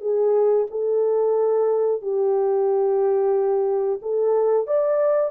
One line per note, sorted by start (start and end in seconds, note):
0.00 0.66 G#4
0.70 2.01 A4
2.01 3.99 G4
4.01 4.66 A4
4.66 5.30 D5